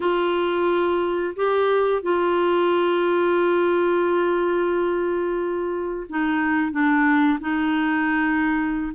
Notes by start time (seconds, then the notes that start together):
0.00 F4
1.35 G4
2.02 F4
6.09 D#4
6.71 D4
7.40 D#4